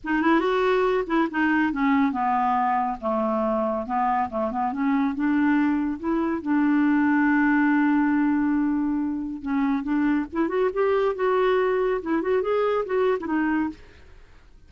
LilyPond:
\new Staff \with { instrumentName = "clarinet" } { \time 4/4 \tempo 4 = 140 dis'8 e'8 fis'4. e'8 dis'4 | cis'4 b2 a4~ | a4 b4 a8 b8 cis'4 | d'2 e'4 d'4~ |
d'1~ | d'2 cis'4 d'4 | e'8 fis'8 g'4 fis'2 | e'8 fis'8 gis'4 fis'8. e'16 dis'4 | }